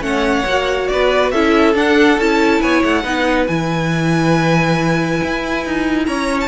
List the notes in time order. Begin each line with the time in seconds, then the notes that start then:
0.00 A3 C#4 C#5 F#5
0.45 A#3 F#4
0.87 B3 B4 D5
1.30 C#4 E4 A4 E5
1.74 D4 F#5
2.18 C#4 E4 A5
2.61 B3 C#5 G#5
2.83 A3 F#5
3.02 B3 D#4 B4
3.47 E3 E4 G#5
5.23 E4
5.65 D#4
6.05 C#4 C#5 A#5
6.40 A5